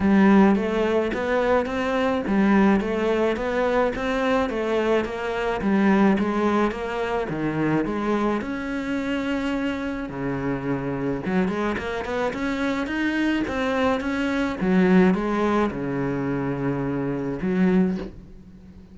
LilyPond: \new Staff \with { instrumentName = "cello" } { \time 4/4 \tempo 4 = 107 g4 a4 b4 c'4 | g4 a4 b4 c'4 | a4 ais4 g4 gis4 | ais4 dis4 gis4 cis'4~ |
cis'2 cis2 | fis8 gis8 ais8 b8 cis'4 dis'4 | c'4 cis'4 fis4 gis4 | cis2. fis4 | }